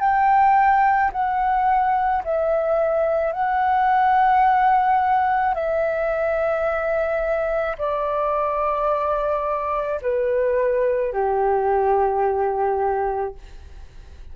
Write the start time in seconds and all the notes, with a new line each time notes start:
0.00 G5
1.12 F#5
2.24 E5
3.32 F#5
5.54 E5
7.78 D5
10.02 B4
11.13 G4